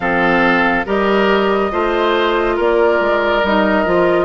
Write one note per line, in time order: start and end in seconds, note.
0.00 0.84 F3
0.00 0.85 C4
0.00 0.86 A4
0.00 0.86 F5
0.85 1.72 G3
0.85 1.71 G4
0.85 1.71 A#4
0.85 2.59 D#5
1.71 2.58 A3
1.71 3.42 F4
1.71 2.56 C5
2.56 2.99 A#3
2.56 4.25 A#4
2.56 3.45 D5
2.99 3.42 G#3
3.43 3.86 G3
3.43 3.85 D#4
3.43 4.25 D#5
3.85 4.25 F3
3.85 4.25 F4